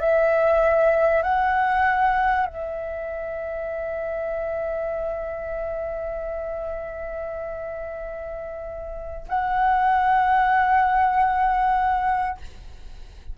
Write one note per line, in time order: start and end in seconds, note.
0.00 1.23 E5
1.23 2.47 F#5
2.47 9.27 E5
9.29 12.38 F#5